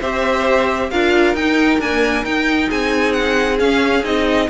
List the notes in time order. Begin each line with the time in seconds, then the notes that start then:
0.00 C4 G4 C5 E5
0.90 D4 F4 A#4 F5
1.34 D#4 G5
1.79 A#3 D4 G#5
2.24 D#4 G5
2.68 C4 G#4 G#5
3.12 F#5
3.58 C#4 F5
4.03 C4 D#4 D#5